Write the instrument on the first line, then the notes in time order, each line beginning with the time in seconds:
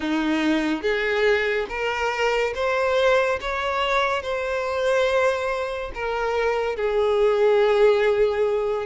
violin
0.00 D#4
0.81 G#4
1.69 A#4
2.54 C5
3.40 C#5
4.22 C5
5.94 A#4
6.76 G#4